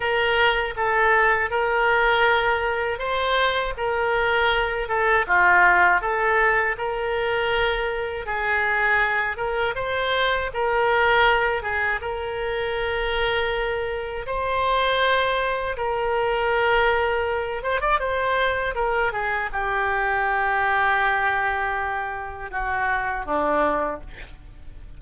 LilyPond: \new Staff \with { instrumentName = "oboe" } { \time 4/4 \tempo 4 = 80 ais'4 a'4 ais'2 | c''4 ais'4. a'8 f'4 | a'4 ais'2 gis'4~ | gis'8 ais'8 c''4 ais'4. gis'8 |
ais'2. c''4~ | c''4 ais'2~ ais'8 c''16 d''16 | c''4 ais'8 gis'8 g'2~ | g'2 fis'4 d'4 | }